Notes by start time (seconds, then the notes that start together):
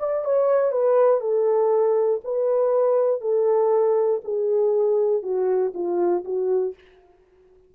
0.00 D5
0.25 C#5
0.72 B4
1.21 A4
2.25 B4
3.22 A4
4.25 G#4
5.23 F#4
5.75 F4
6.25 F#4